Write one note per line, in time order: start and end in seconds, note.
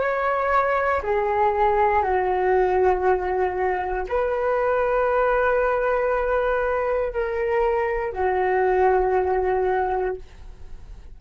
0.00 1.02 C#5
1.03 2.02 G#4
2.02 4.06 F#4
4.09 7.13 B4
7.13 8.13 A#4
8.13 10.16 F#4